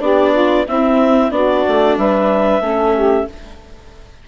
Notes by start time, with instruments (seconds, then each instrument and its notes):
0.00 bassoon B3, viola D4, saxophone G4, clarinet D5
0.32 saxophone F4
0.66 bassoon C4, viola C4, saxophone E4, clarinet E5
1.31 bassoon B3, viola D4, saxophone F#4, clarinet D5
1.68 bassoon A3
1.97 bassoon G3, saxophone B4, clarinet E5
2.60 bassoon A3, viola C#4, saxophone A4
2.95 saxophone G4